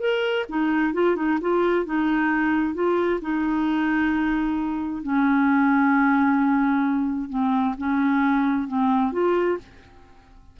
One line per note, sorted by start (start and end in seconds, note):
0.00 0.45 A#4
0.49 0.93 D#4
0.93 1.16 F4
1.16 1.38 D#4
1.41 1.85 F4
1.85 2.74 D#4
2.74 3.20 F4
3.21 5.02 D#4
5.02 7.29 C#4
7.29 7.75 C4
7.78 8.68 C#4
8.68 9.12 C4
9.12 9.58 F4